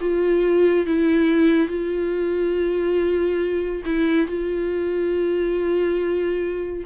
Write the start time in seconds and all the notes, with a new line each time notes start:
0.00 F4
0.86 E4
1.68 F4
3.85 E4
4.27 F4